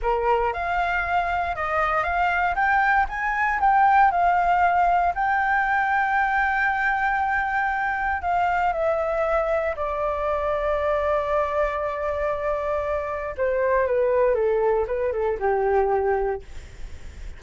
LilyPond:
\new Staff \with { instrumentName = "flute" } { \time 4/4 \tempo 4 = 117 ais'4 f''2 dis''4 | f''4 g''4 gis''4 g''4 | f''2 g''2~ | g''1 |
f''4 e''2 d''4~ | d''1~ | d''2 c''4 b'4 | a'4 b'8 a'8 g'2 | }